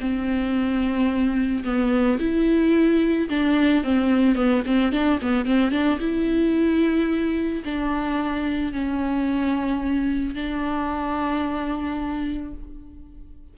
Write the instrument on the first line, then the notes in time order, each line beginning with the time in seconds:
viola
0.00 C4
1.64 B3
2.19 E4
3.29 D4
3.84 C4
4.35 B3
4.66 C4
4.92 D4
5.21 B3
5.45 C4
5.71 D4
6.00 E4
7.64 D4
8.72 C#4
10.35 D4